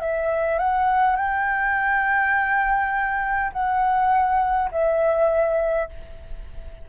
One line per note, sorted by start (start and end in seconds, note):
0.00 0.59 E5
0.59 1.17 F#5
1.17 3.52 G5
3.53 4.71 F#5
4.72 5.89 E5